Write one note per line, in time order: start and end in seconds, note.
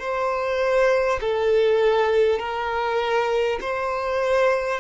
0.00 1.20 C5
1.21 2.39 A4
2.39 3.59 A#4
3.61 4.81 C5